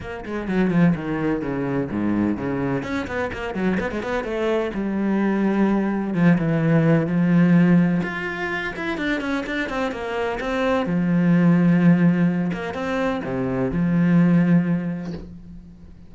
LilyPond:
\new Staff \with { instrumentName = "cello" } { \time 4/4 \tempo 4 = 127 ais8 gis8 fis8 f8 dis4 cis4 | gis,4 cis4 cis'8 b8 ais8 fis8 | b16 gis16 b8 a4 g2~ | g4 f8 e4. f4~ |
f4 f'4. e'8 d'8 cis'8 | d'8 c'8 ais4 c'4 f4~ | f2~ f8 ais8 c'4 | c4 f2. | }